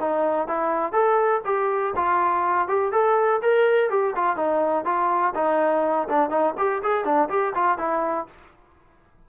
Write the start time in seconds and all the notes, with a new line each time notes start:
0.00 D#4
0.47 E4
0.92 A4
1.45 G4
1.96 F4
2.68 G4
2.92 A4
3.42 A#4
3.90 G4
4.16 F4
4.36 D#4
4.85 F4
5.35 D#4
6.09 D4
6.30 D#4
6.58 G4
6.83 G#4
7.04 D4
7.29 G4
7.55 F4
7.78 E4